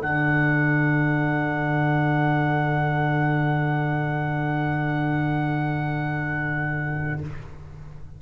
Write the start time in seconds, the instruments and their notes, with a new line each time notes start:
0.00 tuba D3, trombone D4, horn A4, trumpet F#5